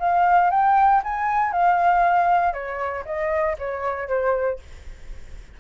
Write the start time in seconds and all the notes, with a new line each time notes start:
0.00 F5
0.51 G5
1.04 G#5
1.52 F5
2.54 C#5
3.06 D#5
3.59 C#5
4.08 C5